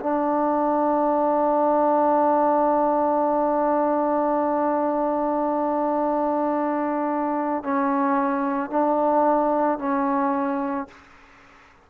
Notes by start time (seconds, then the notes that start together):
0.00 D4
7.64 C#4
8.70 D4
9.79 C#4